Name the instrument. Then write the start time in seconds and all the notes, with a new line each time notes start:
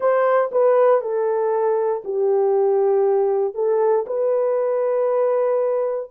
horn
0.00 C5
0.51 B4
1.01 A4
2.04 G4
3.54 A4
4.06 B4